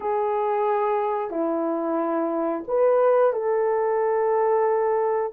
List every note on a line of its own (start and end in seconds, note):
0.00 1.30 G#4
1.30 2.63 E4
2.67 3.32 B4
3.32 5.32 A4